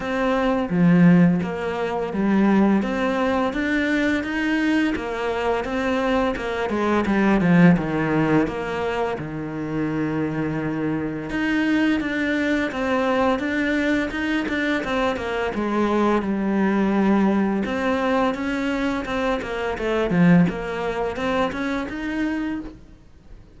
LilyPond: \new Staff \with { instrumentName = "cello" } { \time 4/4 \tempo 4 = 85 c'4 f4 ais4 g4 | c'4 d'4 dis'4 ais4 | c'4 ais8 gis8 g8 f8 dis4 | ais4 dis2. |
dis'4 d'4 c'4 d'4 | dis'8 d'8 c'8 ais8 gis4 g4~ | g4 c'4 cis'4 c'8 ais8 | a8 f8 ais4 c'8 cis'8 dis'4 | }